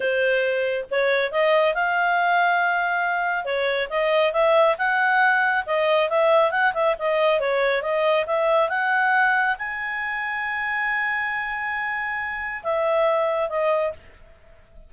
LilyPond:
\new Staff \with { instrumentName = "clarinet" } { \time 4/4 \tempo 4 = 138 c''2 cis''4 dis''4 | f''1 | cis''4 dis''4 e''4 fis''4~ | fis''4 dis''4 e''4 fis''8 e''8 |
dis''4 cis''4 dis''4 e''4 | fis''2 gis''2~ | gis''1~ | gis''4 e''2 dis''4 | }